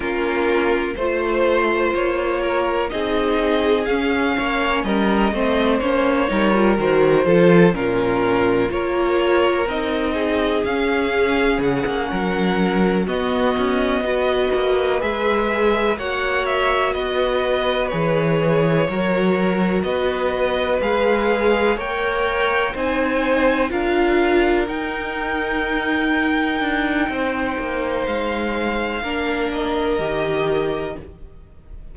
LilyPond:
<<
  \new Staff \with { instrumentName = "violin" } { \time 4/4 \tempo 4 = 62 ais'4 c''4 cis''4 dis''4 | f''4 dis''4 cis''4 c''4 | ais'4 cis''4 dis''4 f''4 | fis''4. dis''2 e''8~ |
e''8 fis''8 e''8 dis''4 cis''4.~ | cis''8 dis''4 f''4 g''4 gis''8~ | gis''8 f''4 g''2~ g''8~ | g''4 f''4. dis''4. | }
  \new Staff \with { instrumentName = "violin" } { \time 4/4 f'4 c''4. ais'8 gis'4~ | gis'8 cis''8 ais'8 c''4 ais'4 a'8 | f'4 ais'4. gis'4.~ | gis'8 ais'4 fis'4 b'4.~ |
b'8 cis''4 b'2 ais'8~ | ais'8 b'2 cis''4 c''8~ | c''8 ais'2.~ ais'8 | c''2 ais'2 | }
  \new Staff \with { instrumentName = "viola" } { \time 4/4 cis'4 f'2 dis'4 | cis'4. c'8 cis'8 dis'16 f'16 fis'8 f'8 | cis'4 f'4 dis'4 cis'4~ | cis'4. b4 fis'4 gis'8~ |
gis'8 fis'2 gis'4 fis'8~ | fis'4. gis'4 ais'4 dis'8~ | dis'8 f'4 dis'2~ dis'8~ | dis'2 d'4 g'4 | }
  \new Staff \with { instrumentName = "cello" } { \time 4/4 ais4 a4 ais4 c'4 | cis'8 ais8 g8 a8 ais8 g8 dis8 f8 | ais,4 ais4 c'4 cis'4 | cis16 ais16 fis4 b8 cis'8 b8 ais8 gis8~ |
gis8 ais4 b4 e4 fis8~ | fis8 b4 gis4 ais4 c'8~ | c'8 d'4 dis'2 d'8 | c'8 ais8 gis4 ais4 dis4 | }
>>